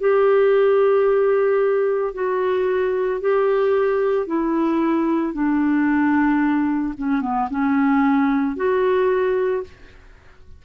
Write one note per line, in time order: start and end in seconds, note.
0.00 2.14 G4
2.14 3.21 F#4
3.21 4.27 G4
4.27 5.33 E4
5.33 6.94 D4
6.98 7.22 C#4
7.22 7.49 B3
7.50 8.57 C#4
8.57 9.64 F#4